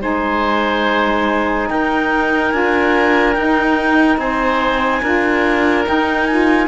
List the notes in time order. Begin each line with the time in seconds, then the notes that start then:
0.00 G#3 D#4 C5 G#5
1.70 D#4 A#4 G5
2.51 D4 F4 G#5
3.34 D#4 G5
4.18 C4 C5 G#5
5.03 D4 F4 A#4
5.85 D#4 G5
6.26 F4 G#5